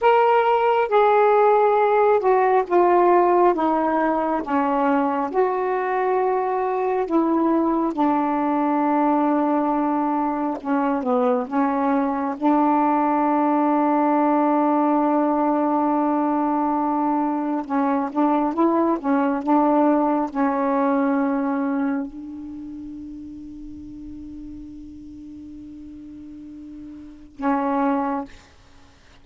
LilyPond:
\new Staff \with { instrumentName = "saxophone" } { \time 4/4 \tempo 4 = 68 ais'4 gis'4. fis'8 f'4 | dis'4 cis'4 fis'2 | e'4 d'2. | cis'8 b8 cis'4 d'2~ |
d'1 | cis'8 d'8 e'8 cis'8 d'4 cis'4~ | cis'4 d'2.~ | d'2. cis'4 | }